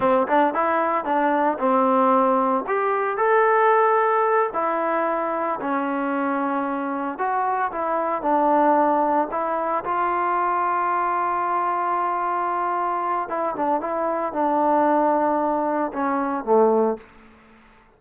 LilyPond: \new Staff \with { instrumentName = "trombone" } { \time 4/4 \tempo 4 = 113 c'8 d'8 e'4 d'4 c'4~ | c'4 g'4 a'2~ | a'8 e'2 cis'4.~ | cis'4. fis'4 e'4 d'8~ |
d'4. e'4 f'4.~ | f'1~ | f'4 e'8 d'8 e'4 d'4~ | d'2 cis'4 a4 | }